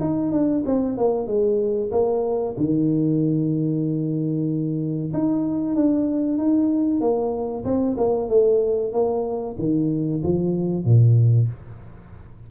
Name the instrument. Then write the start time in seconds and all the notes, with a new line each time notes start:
tuba
0.00 D#4
0.31 D4
0.65 C4
0.97 A#3
1.26 G#3
1.91 A#3
2.57 D#3
5.13 D#4
5.75 D4
6.37 D#4
7.00 A#3
7.64 C4
7.97 A#3
8.28 A3
8.92 A#3
9.58 D#3
10.22 F3
10.84 A#2